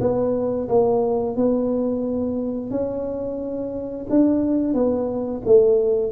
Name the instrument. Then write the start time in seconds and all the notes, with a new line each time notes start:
tuba
0.00 B3
0.68 A#3
1.36 B3
2.70 C#4
4.10 D4
4.74 B3
5.45 A3